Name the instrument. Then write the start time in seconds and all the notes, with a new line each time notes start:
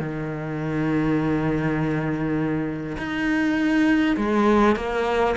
cello
0.00 D#3
2.98 D#4
4.17 G#3
4.76 A#3